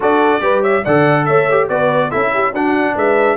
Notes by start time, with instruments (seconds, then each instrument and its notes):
0.00 tuba D4, trombone F#4, horn A4, trumpet D5
0.40 tuba G3, trombone G4, horn B4
0.61 horn C#5, trumpet E5
0.84 tuba D3, trombone A4, horn D5, trumpet F#5
1.25 tuba A3, horn C#5, trumpet E5
1.50 trombone G4
1.68 tuba B3, trombone F#4, horn B4, trumpet D5
2.10 tuba C#4, trombone E4, horn A4, trumpet E5
2.33 horn G4
2.51 tuba D4, trombone D4, horn F#4, trumpet F#5
2.94 tuba G#3, horn B4, trumpet E5